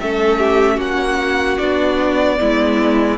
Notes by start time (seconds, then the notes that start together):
0.00 A3 C#4 A4 E5
0.39 G4
0.76 A#3 F#4 F#5
1.58 B3 D4 D5
2.37 G#3 B3 E4